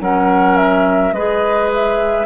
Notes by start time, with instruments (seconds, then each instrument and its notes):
0.00 bassoon F#3, clarinet C#4, oboe A#4, flute F#5
0.57 flute E5
1.12 bassoon G#3, clarinet G#4, oboe B4, flute D#5
1.74 flute E5